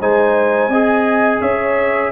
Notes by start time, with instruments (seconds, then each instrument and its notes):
0.00 tuba G#3, trombone D#4, horn C5, trumpet G#5
0.68 tuba C4, trombone G#4, horn D#5
1.41 tuba C#4, horn C#5, trumpet E5